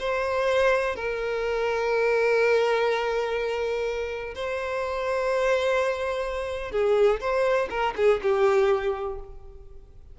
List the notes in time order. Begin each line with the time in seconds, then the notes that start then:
0.00 C5
0.96 A#4
4.35 C5
6.72 G#4
7.21 C5
7.70 A#4
7.97 G#4
8.23 G4